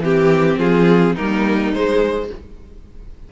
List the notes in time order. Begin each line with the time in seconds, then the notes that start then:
0.00 E3 C4 G4
0.59 F3 F4 G#4
1.15 G3 A#3 D#4 A#4
1.74 G#3 C5